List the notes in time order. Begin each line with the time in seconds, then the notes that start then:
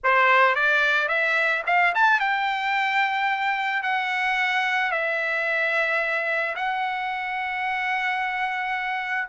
0.03 C5
0.55 D5
1.08 E5
1.66 F5
1.95 A5
2.20 G5
3.82 F#5
4.91 E5
6.55 F#5